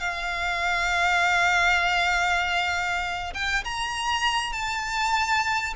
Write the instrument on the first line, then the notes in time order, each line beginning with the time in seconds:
violin
0.00 F5
3.34 G5
3.64 A#5
4.53 A5